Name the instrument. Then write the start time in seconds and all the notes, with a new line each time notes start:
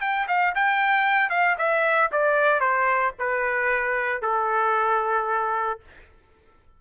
trumpet
0.00 G5
0.27 F5
0.55 G5
1.29 F5
1.58 E5
2.11 D5
2.60 C5
3.18 B4
4.22 A4